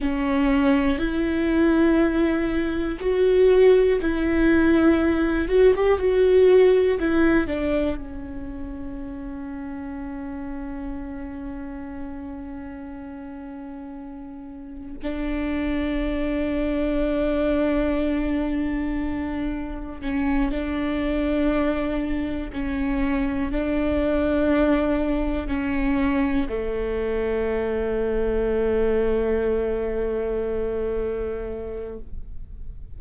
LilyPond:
\new Staff \with { instrumentName = "viola" } { \time 4/4 \tempo 4 = 60 cis'4 e'2 fis'4 | e'4. fis'16 g'16 fis'4 e'8 d'8 | cis'1~ | cis'2. d'4~ |
d'1 | cis'8 d'2 cis'4 d'8~ | d'4. cis'4 a4.~ | a1 | }